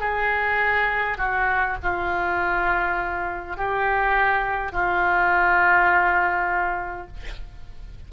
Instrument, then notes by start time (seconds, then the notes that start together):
oboe
0.00 G#4
1.18 F#4
1.82 F4
3.57 G4
4.72 F4